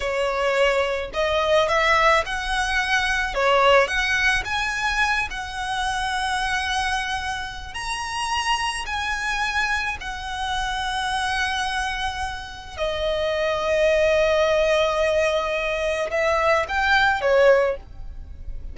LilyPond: \new Staff \with { instrumentName = "violin" } { \time 4/4 \tempo 4 = 108 cis''2 dis''4 e''4 | fis''2 cis''4 fis''4 | gis''4. fis''2~ fis''8~ | fis''2 ais''2 |
gis''2 fis''2~ | fis''2. dis''4~ | dis''1~ | dis''4 e''4 g''4 cis''4 | }